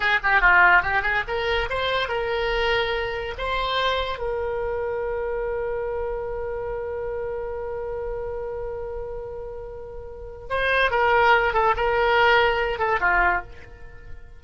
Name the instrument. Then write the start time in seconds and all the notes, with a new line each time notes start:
oboe
0.00 G#4
0.23 G4
0.41 F4
0.82 G4
1.02 G#4
1.27 A#4
1.69 C5
2.08 A#4
3.38 C5
4.18 A#4
10.49 C5
10.90 A#4
11.53 A4
11.76 A#4
12.78 A4
13.00 F4